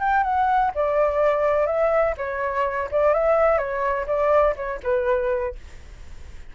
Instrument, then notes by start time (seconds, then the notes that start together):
flute
0.00 G5
0.23 F#5
0.75 D5
1.66 E5
2.17 C#5
2.91 D5
3.14 E5
3.58 C#5
4.07 D5
4.56 C#5
4.83 B4